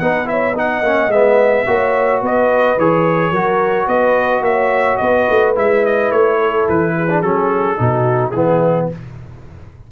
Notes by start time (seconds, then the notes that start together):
0.00 B3 D#4 B4 F#5
0.26 E4 C#5 E5
0.53 D#4 D#5 F#5
0.82 A#3 C#4
1.09 G#3 B3 E5
1.67 A#3 F#4 C#5
2.22 B3 B4 D#5
2.78 E3 G#4 C#5
3.31 F#3 F#4 A#4
3.87 B3 B4 D#5
4.42 A#3 C#5 E5
4.98 B3 B4 D#5
5.30 A3
5.56 G#3 E4 E5
5.86 D#5
6.12 A3 C#5
6.40 A4
6.69 E3 B4
6.97 G#4
7.10 D4
7.22 F#3 C#4 A4
7.78 B2 D#4 F#4
8.31 E3 B3 E4 G#4